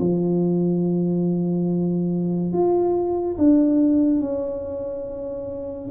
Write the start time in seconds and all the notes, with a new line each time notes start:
0.00 F3
2.53 F4
3.38 D4
4.21 C#4